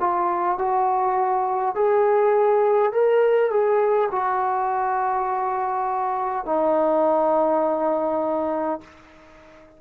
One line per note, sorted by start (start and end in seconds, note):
0.00 0.58 F4
0.58 1.75 F#4
1.75 2.93 G#4
2.93 3.51 A#4
3.51 4.10 G#4
4.11 6.45 F#4
6.45 8.81 D#4